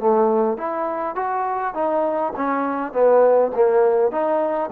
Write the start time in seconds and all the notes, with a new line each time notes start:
0.00 A3
0.58 E4
1.16 F#4
1.75 D#4
2.37 C#4
2.93 B3
3.55 A#3
4.12 D#4